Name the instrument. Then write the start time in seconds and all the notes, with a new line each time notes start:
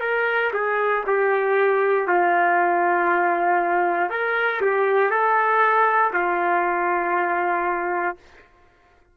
trumpet
0.00 A#4
0.53 G#4
1.06 G4
2.08 F4
4.10 A#4
4.61 G4
5.10 A4
6.13 F4